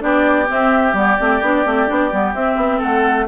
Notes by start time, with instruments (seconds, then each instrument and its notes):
0.00 bassoon B3, clarinet D4, oboe G4, flute D5
0.47 clarinet C4, bassoon C4, flute E5
0.93 bassoon G3, clarinet B3, flute D5
1.19 bassoon A3, clarinet C4
1.42 bassoon B3, clarinet D4
1.65 bassoon A3, clarinet C4
1.87 bassoon B3, clarinet D4
2.12 bassoon G3, clarinet B3
2.34 bassoon C4, clarinet C4, flute E5
2.57 bassoon B3
2.78 bassoon A3, oboe A4, flute F#5